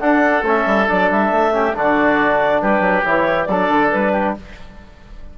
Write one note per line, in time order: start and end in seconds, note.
0.00 0.43 D4
0.00 1.54 A4
0.00 0.44 F#5
0.43 0.65 A3
0.43 0.87 C#4
0.43 0.88 E5
0.66 0.88 G3
0.87 1.11 F#3
0.87 1.52 D4
0.87 1.10 D5
1.11 1.31 G3
1.11 1.76 E5
1.31 1.75 A3
1.52 1.74 C#4
1.52 1.76 G4
1.74 2.62 D3
1.74 3.04 D4
1.74 2.62 F#4
1.74 2.62 D5
2.62 2.80 G3
2.62 3.49 G4
2.62 3.06 B4
2.80 3.02 F#3
3.05 3.48 E3
3.05 3.48 E4
3.05 3.44 C#5
3.44 3.69 F#3
3.44 4.13 A4
3.44 3.88 D5
3.51 4.38 D4
3.69 3.91 D3
3.91 4.38 G3
3.91 4.35 B4
4.13 4.35 G4